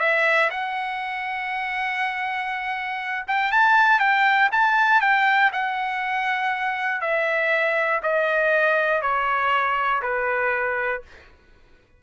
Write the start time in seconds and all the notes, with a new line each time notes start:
0.00 E5
0.50 F#5
3.27 G5
3.52 A5
4.00 G5
4.52 A5
5.01 G5
5.52 F#5
7.01 E5
8.03 D#5
9.02 C#5
10.02 B4